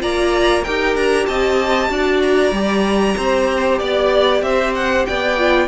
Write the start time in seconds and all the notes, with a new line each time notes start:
0.00 A#3 F4 D5 A#5
0.63 D#4 G4 A#4 G5
0.95 D4 A#5
1.26 C4 D#5 A5
1.89 D4 F#4 D5
2.22 A#5
2.52 G3 G4
3.17 C4 C5
3.79 B3 D5
4.42 C4 C5 E5
4.75 F#5
5.06 B3 D5 G5
5.38 F4